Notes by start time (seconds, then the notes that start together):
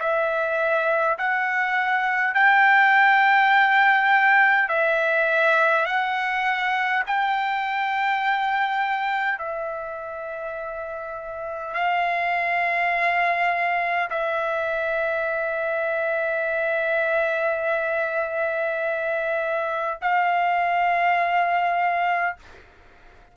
0.00 E5
1.18 F#5
2.34 G5
4.69 E5
5.86 F#5
7.06 G5
9.39 E5
11.74 F5
14.11 E5
20.02 F5